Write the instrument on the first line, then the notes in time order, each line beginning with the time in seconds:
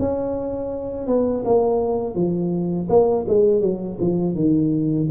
tuba
0.00 C#4
1.07 B3
1.45 A#3
2.16 F3
2.90 A#3
3.28 G#3
3.62 F#3
4.00 F3
4.35 D#3